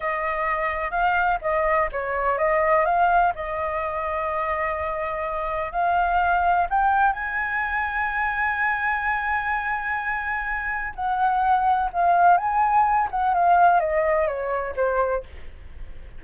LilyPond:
\new Staff \with { instrumentName = "flute" } { \time 4/4 \tempo 4 = 126 dis''2 f''4 dis''4 | cis''4 dis''4 f''4 dis''4~ | dis''1 | f''2 g''4 gis''4~ |
gis''1~ | gis''2. fis''4~ | fis''4 f''4 gis''4. fis''8 | f''4 dis''4 cis''4 c''4 | }